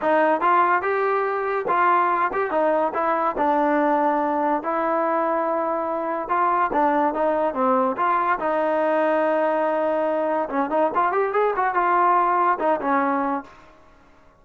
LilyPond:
\new Staff \with { instrumentName = "trombone" } { \time 4/4 \tempo 4 = 143 dis'4 f'4 g'2 | f'4. g'8 dis'4 e'4 | d'2. e'4~ | e'2. f'4 |
d'4 dis'4 c'4 f'4 | dis'1~ | dis'4 cis'8 dis'8 f'8 g'8 gis'8 fis'8 | f'2 dis'8 cis'4. | }